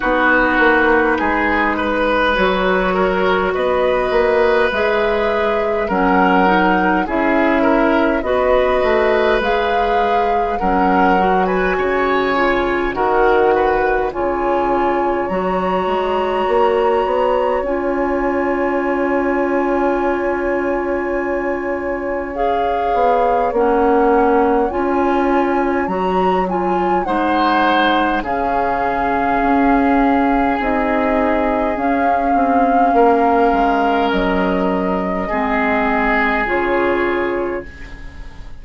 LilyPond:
<<
  \new Staff \with { instrumentName = "flute" } { \time 4/4 \tempo 4 = 51 b'2 cis''4 dis''4 | e''4 fis''4 e''4 dis''4 | f''4 fis''8. gis''4~ gis''16 fis''4 | gis''4 ais''2 gis''4~ |
gis''2. f''4 | fis''4 gis''4 ais''8 gis''8 fis''4 | f''2 dis''4 f''4~ | f''4 dis''2 cis''4 | }
  \new Staff \with { instrumentName = "oboe" } { \time 4/4 fis'4 gis'8 b'4 ais'8 b'4~ | b'4 ais'4 gis'8 ais'8 b'4~ | b'4 ais'8. b'16 cis''4 ais'8 b'8 | cis''1~ |
cis''1~ | cis''2. c''4 | gis'1 | ais'2 gis'2 | }
  \new Staff \with { instrumentName = "clarinet" } { \time 4/4 dis'2 fis'2 | gis'4 cis'8 dis'8 e'4 fis'4 | gis'4 cis'8 fis'4 f'8 fis'4 | f'4 fis'2 f'4~ |
f'2. gis'4 | cis'4 f'4 fis'8 f'8 dis'4 | cis'2 dis'4 cis'4~ | cis'2 c'4 f'4 | }
  \new Staff \with { instrumentName = "bassoon" } { \time 4/4 b8 ais8 gis4 fis4 b8 ais8 | gis4 fis4 cis'4 b8 a8 | gis4 fis4 cis4 dis4 | cis4 fis8 gis8 ais8 b8 cis'4~ |
cis'2.~ cis'8 b8 | ais4 cis'4 fis4 gis4 | cis4 cis'4 c'4 cis'8 c'8 | ais8 gis8 fis4 gis4 cis4 | }
>>